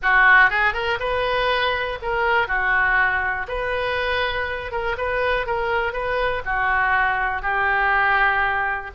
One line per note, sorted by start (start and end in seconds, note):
0.02 0.50 F#4
0.50 0.73 G#4
0.73 0.98 A#4
0.99 1.98 B4
2.02 2.47 A#4
2.47 3.46 F#4
3.48 4.71 B4
4.71 4.96 A#4
4.97 5.46 B4
5.46 5.92 A#4
5.92 6.42 B4
6.45 7.42 F#4
7.42 8.91 G4